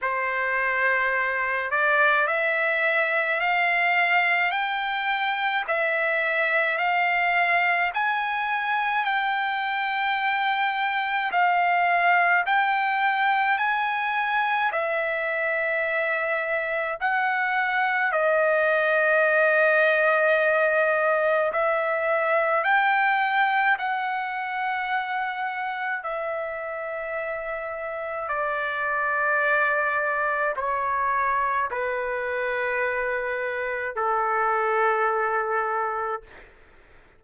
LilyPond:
\new Staff \with { instrumentName = "trumpet" } { \time 4/4 \tempo 4 = 53 c''4. d''8 e''4 f''4 | g''4 e''4 f''4 gis''4 | g''2 f''4 g''4 | gis''4 e''2 fis''4 |
dis''2. e''4 | g''4 fis''2 e''4~ | e''4 d''2 cis''4 | b'2 a'2 | }